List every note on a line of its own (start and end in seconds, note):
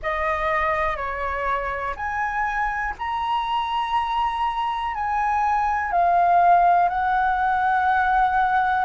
0.02 0.96 D#5
0.96 1.94 C#5
1.96 2.94 G#5
2.98 4.94 A#5
4.94 5.91 G#5
5.91 6.89 F5
6.89 8.84 F#5